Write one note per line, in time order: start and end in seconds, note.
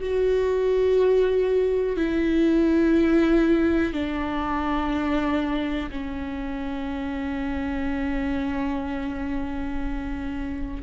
0.00 1.96 F#4
1.96 3.93 E4
3.93 5.90 D4
5.91 10.82 C#4